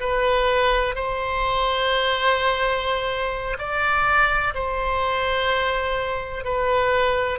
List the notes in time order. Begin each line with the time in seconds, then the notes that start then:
0.00 B4
0.96 C5
3.58 D5
4.55 C5
6.45 B4